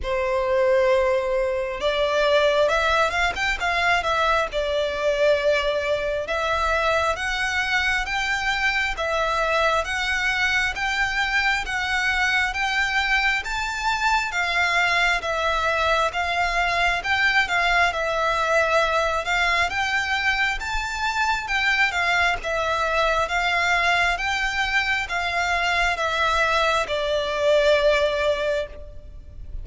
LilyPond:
\new Staff \with { instrumentName = "violin" } { \time 4/4 \tempo 4 = 67 c''2 d''4 e''8 f''16 g''16 | f''8 e''8 d''2 e''4 | fis''4 g''4 e''4 fis''4 | g''4 fis''4 g''4 a''4 |
f''4 e''4 f''4 g''8 f''8 | e''4. f''8 g''4 a''4 | g''8 f''8 e''4 f''4 g''4 | f''4 e''4 d''2 | }